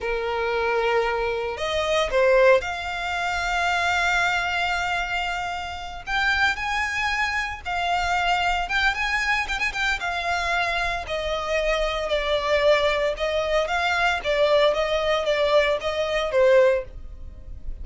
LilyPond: \new Staff \with { instrumentName = "violin" } { \time 4/4 \tempo 4 = 114 ais'2. dis''4 | c''4 f''2.~ | f''2.~ f''8 g''8~ | g''8 gis''2 f''4.~ |
f''8 g''8 gis''4 g''16 gis''16 g''8 f''4~ | f''4 dis''2 d''4~ | d''4 dis''4 f''4 d''4 | dis''4 d''4 dis''4 c''4 | }